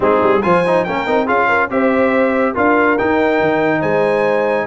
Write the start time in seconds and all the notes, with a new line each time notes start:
0.00 G#3 C4 D#4 G#4
0.23 G3
0.42 F3 F4 C5 G#5
0.66 D#4
0.84 A#3 C#4 A#4 G5
1.07 C4 D#4
1.25 C#4 F4 G#4 F5
1.48 A#4
1.70 C4 G4 C5 E5
2.53 D4 F4 A#4 F5
2.98 D#4 G5
3.40 D#3
3.80 G#3 C5 G#5